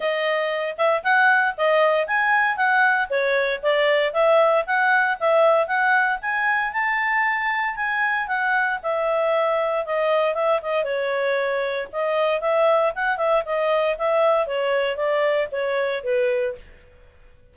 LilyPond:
\new Staff \with { instrumentName = "clarinet" } { \time 4/4 \tempo 4 = 116 dis''4. e''8 fis''4 dis''4 | gis''4 fis''4 cis''4 d''4 | e''4 fis''4 e''4 fis''4 | gis''4 a''2 gis''4 |
fis''4 e''2 dis''4 | e''8 dis''8 cis''2 dis''4 | e''4 fis''8 e''8 dis''4 e''4 | cis''4 d''4 cis''4 b'4 | }